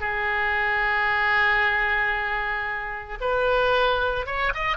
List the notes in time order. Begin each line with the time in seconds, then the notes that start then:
0.00 G#4
3.21 B4
4.26 C#5
4.54 D#5